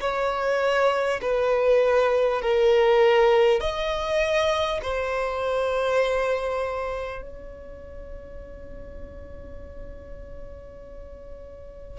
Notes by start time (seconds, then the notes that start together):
0.00 C#5
1.21 B4
2.41 A#4
3.60 D#5
4.82 C5
7.22 C#5